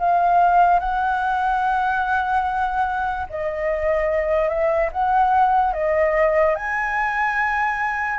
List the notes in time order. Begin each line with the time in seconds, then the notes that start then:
0.00 F5
0.80 F#5
3.30 D#5
4.49 E5
4.93 F#5
5.74 D#5
6.56 G#5